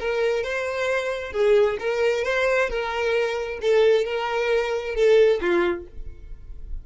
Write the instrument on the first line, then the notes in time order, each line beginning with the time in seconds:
violin
0.00 A#4
0.44 C5
1.33 G#4
1.80 A#4
2.24 C5
2.69 A#4
3.62 A4
4.05 A#4
4.95 A4
5.41 F4